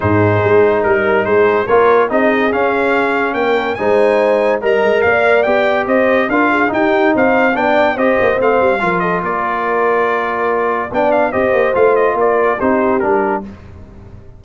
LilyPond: <<
  \new Staff \with { instrumentName = "trumpet" } { \time 4/4 \tempo 4 = 143 c''2 ais'4 c''4 | cis''4 dis''4 f''2 | g''4 gis''2 ais''4 | f''4 g''4 dis''4 f''4 |
g''4 f''4 g''4 dis''4 | f''4. dis''8 d''2~ | d''2 g''8 f''8 dis''4 | f''8 dis''8 d''4 c''4 ais'4 | }
  \new Staff \with { instrumentName = "horn" } { \time 4/4 gis'2 ais'4 gis'4 | ais'4 gis'2. | ais'4 c''2 dis''4 | d''2 c''4 ais'8 gis'8 |
g'4 c''4 d''4 c''4~ | c''4 ais'8 a'8 ais'2~ | ais'2 d''4 c''4~ | c''4 ais'4 g'2 | }
  \new Staff \with { instrumentName = "trombone" } { \time 4/4 dis'1 | f'4 dis'4 cis'2~ | cis'4 dis'2 ais'4~ | ais'4 g'2 f'4 |
dis'2 d'4 g'4 | c'4 f'2.~ | f'2 d'4 g'4 | f'2 dis'4 d'4 | }
  \new Staff \with { instrumentName = "tuba" } { \time 4/4 gis,4 gis4 g4 gis4 | ais4 c'4 cis'2 | ais4 gis2 g8 gis8 | ais4 b4 c'4 d'4 |
dis'4 c'4 b4 c'8 ais8 | a8 g8 f4 ais2~ | ais2 b4 c'8 ais8 | a4 ais4 c'4 g4 | }
>>